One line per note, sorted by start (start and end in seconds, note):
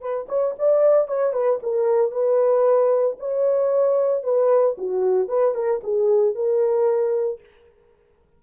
0.00 0.26 B4
0.28 0.55 C#5
0.58 1.07 D5
1.07 1.33 C#5
1.33 1.59 B4
1.62 2.11 A#4
2.11 3.16 B4
3.19 4.23 C#5
4.23 4.76 B4
4.78 5.28 F#4
5.28 5.54 B4
5.54 5.80 A#4
5.83 6.34 G#4
6.34 7.40 A#4